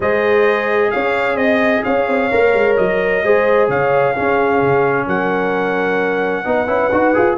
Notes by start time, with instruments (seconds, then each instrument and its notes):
0.00 tuba G#3, trombone G#4, horn C5, trumpet D#5
0.91 tuba C#4, horn C#5, trumpet F5
1.34 tuba C4, horn D#5, trumpet D#5
1.84 tuba C#4, horn C#5, trumpet F5
2.08 tuba C4
2.31 tuba A#3, trombone A#4
2.54 tuba G#3
2.76 tuba F#3, trumpet D#5
3.23 tuba G#3, trombone G#4, horn C5
3.68 tuba C#3, horn C#5, trumpet F5
4.13 trombone C#4, tuba C#4, horn G#4
4.61 tuba C#3
5.06 tuba F#3, horn A#4, trumpet F#5
6.44 tuba B3, trombone D#4, horn B4
6.67 tuba C#4, trombone E4
6.92 tuba D#4, trombone F#4
7.14 tuba F4, trombone G#4